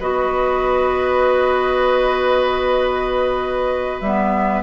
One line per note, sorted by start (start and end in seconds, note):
0.00 4.01 B3
0.00 4.03 F#4
0.00 4.63 B4
0.00 4.01 D#5
4.01 4.63 G3
4.01 4.63 B3
4.01 4.63 E5